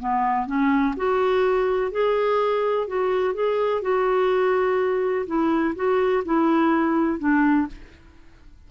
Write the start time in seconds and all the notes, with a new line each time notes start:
0.00 B3
0.47 C#4
0.97 F#4
1.92 G#4
2.88 F#4
3.35 G#4
3.82 F#4
5.27 E4
5.76 F#4
6.25 E4
7.19 D4